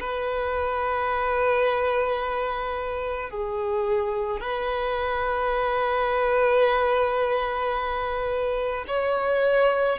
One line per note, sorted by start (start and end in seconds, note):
0.00 3.30 B4
3.30 4.41 G#4
4.41 8.85 B4
8.88 9.99 C#5